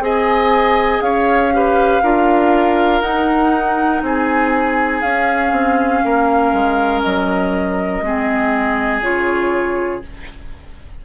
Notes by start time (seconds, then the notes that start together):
0.00 C4 G#4 D#5 G#5
1.01 C#4 C#5 F5
1.53 G4 B4
2.03 D4 F4 A#4
3.02 D#4 F#5
4.02 C4 G#4 G#5
5.02 C#4 F5
5.52 C4
6.05 A#3 A#4
6.53 G#3
7.02 F#3 D#5
8.02 G#3 C4 G#4
9.02 C#3 F4 C#5